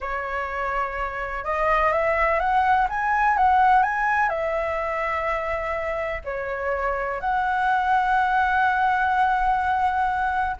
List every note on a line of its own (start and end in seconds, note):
0.00 1.44 C#5
1.44 1.92 D#5
1.92 2.39 E5
2.39 2.87 F#5
2.89 3.37 G#5
3.37 3.82 F#5
3.82 4.29 G#5
4.29 6.21 E5
6.24 7.20 C#5
7.20 10.56 F#5